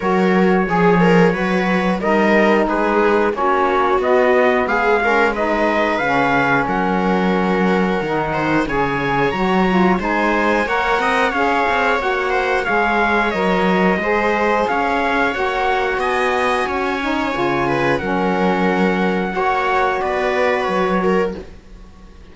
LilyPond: <<
  \new Staff \with { instrumentName = "trumpet" } { \time 4/4 \tempo 4 = 90 cis''2. dis''4 | b'4 cis''4 dis''4 f''4 | dis''4 f''4 fis''2~ | fis''4 gis''4 ais''4 gis''4 |
fis''4 f''4 fis''4 f''4 | dis''2 f''4 fis''4 | gis''2. fis''4~ | fis''2 d''4 cis''4 | }
  \new Staff \with { instrumentName = "viola" } { \time 4/4 ais'4 gis'8 ais'8 b'4 ais'4 | gis'4 fis'2 gis'8 ais'8 | b'2 ais'2~ | ais'8 c''8 cis''2 c''4 |
cis''8 dis''8 cis''4. c''8 cis''4~ | cis''4 c''4 cis''2 | dis''4 cis''4. b'8 ais'4~ | ais'4 cis''4 b'4. ais'8 | }
  \new Staff \with { instrumentName = "saxophone" } { \time 4/4 fis'4 gis'4 fis'4 dis'4~ | dis'4 cis'4 b4. cis'8 | dis'4 cis'2. | dis'4 gis'4 fis'8 f'8 dis'4 |
ais'4 gis'4 fis'4 gis'4 | ais'4 gis'2 fis'4~ | fis'4. dis'8 f'4 cis'4~ | cis'4 fis'2. | }
  \new Staff \with { instrumentName = "cello" } { \time 4/4 fis4 f4 fis4 g4 | gis4 ais4 b4 gis4~ | gis4 cis4 fis2 | dis4 cis4 fis4 gis4 |
ais8 c'8 cis'8 c'8 ais4 gis4 | fis4 gis4 cis'4 ais4 | b4 cis'4 cis4 fis4~ | fis4 ais4 b4 fis4 | }
>>